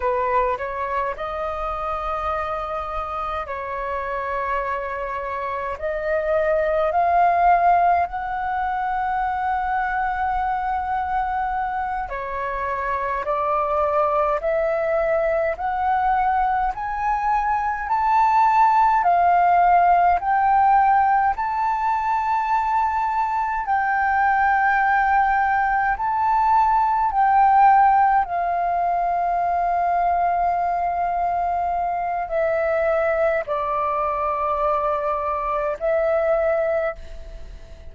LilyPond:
\new Staff \with { instrumentName = "flute" } { \time 4/4 \tempo 4 = 52 b'8 cis''8 dis''2 cis''4~ | cis''4 dis''4 f''4 fis''4~ | fis''2~ fis''8 cis''4 d''8~ | d''8 e''4 fis''4 gis''4 a''8~ |
a''8 f''4 g''4 a''4.~ | a''8 g''2 a''4 g''8~ | g''8 f''2.~ f''8 | e''4 d''2 e''4 | }